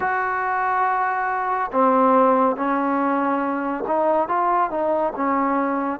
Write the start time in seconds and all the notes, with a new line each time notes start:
0.00 F#4
1.72 C4
2.56 C#4
3.87 D#4
4.28 F4
4.70 D#4
5.16 C#4